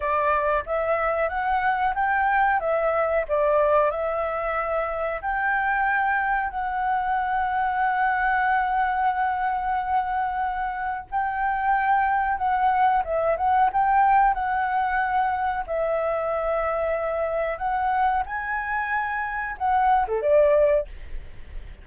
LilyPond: \new Staff \with { instrumentName = "flute" } { \time 4/4 \tempo 4 = 92 d''4 e''4 fis''4 g''4 | e''4 d''4 e''2 | g''2 fis''2~ | fis''1~ |
fis''4 g''2 fis''4 | e''8 fis''8 g''4 fis''2 | e''2. fis''4 | gis''2 fis''8. a'16 d''4 | }